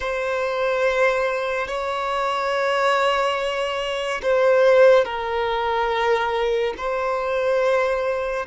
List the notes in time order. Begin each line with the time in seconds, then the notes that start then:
0.00 C5
1.67 C#5
4.22 C5
5.04 A#4
6.77 C5